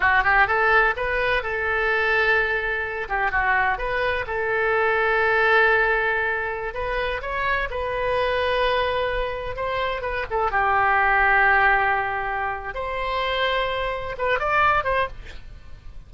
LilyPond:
\new Staff \with { instrumentName = "oboe" } { \time 4/4 \tempo 4 = 127 fis'8 g'8 a'4 b'4 a'4~ | a'2~ a'8 g'8 fis'4 | b'4 a'2.~ | a'2~ a'16 b'4 cis''8.~ |
cis''16 b'2.~ b'8.~ | b'16 c''4 b'8 a'8 g'4.~ g'16~ | g'2. c''4~ | c''2 b'8 d''4 c''8 | }